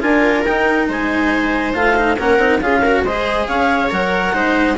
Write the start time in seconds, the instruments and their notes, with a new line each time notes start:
0.00 bassoon D4, cello F4, viola A#4, clarinet G#5
0.44 bassoon D#4, cello D#4, clarinet G5
0.88 bassoon G#3, viola C5, clarinet G#5
1.73 bassoon A3, cello F4, clarinet F5
1.96 cello D#4
2.18 bassoon A#3, cello C#4, viola A#4, clarinet F#5
2.37 bassoon C4, cello D#4
2.60 bassoon C#4, cello F4, viola G#4, clarinet F5
2.81 cello F#4, viola A#4
3.02 bassoon G#3, cello G#4, viola C5, clarinet D#5
3.47 bassoon C#4, viola C#5, clarinet F5
3.89 bassoon F#3, cello A#4, clarinet F#5
4.32 bassoon G#3, cello D#4, viola C5